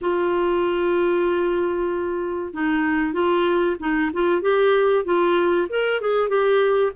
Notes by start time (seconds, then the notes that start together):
0.01 F4
2.53 D#4
3.13 F4
3.79 D#4
4.13 F4
4.41 G4
5.04 F4
5.69 A#4
6.01 G#4
6.28 G4